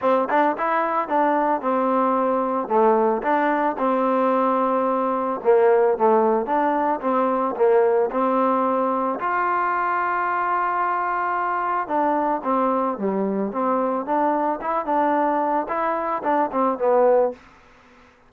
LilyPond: \new Staff \with { instrumentName = "trombone" } { \time 4/4 \tempo 4 = 111 c'8 d'8 e'4 d'4 c'4~ | c'4 a4 d'4 c'4~ | c'2 ais4 a4 | d'4 c'4 ais4 c'4~ |
c'4 f'2.~ | f'2 d'4 c'4 | g4 c'4 d'4 e'8 d'8~ | d'4 e'4 d'8 c'8 b4 | }